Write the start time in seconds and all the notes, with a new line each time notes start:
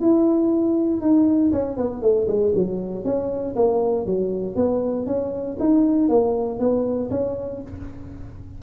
0.00 E4
1.01 D#4
1.52 C#4
1.77 B3
2.02 A3
2.27 G#3
2.55 F#3
3.04 C#4
3.55 A#3
4.06 F#3
4.55 B3
5.06 C#4
5.60 D#4
6.09 A#3
6.59 B3
7.10 C#4